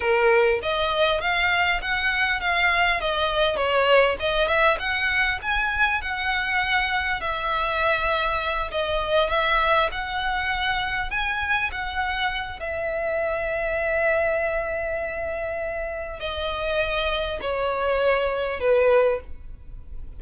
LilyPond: \new Staff \with { instrumentName = "violin" } { \time 4/4 \tempo 4 = 100 ais'4 dis''4 f''4 fis''4 | f''4 dis''4 cis''4 dis''8 e''8 | fis''4 gis''4 fis''2 | e''2~ e''8 dis''4 e''8~ |
e''8 fis''2 gis''4 fis''8~ | fis''4 e''2.~ | e''2. dis''4~ | dis''4 cis''2 b'4 | }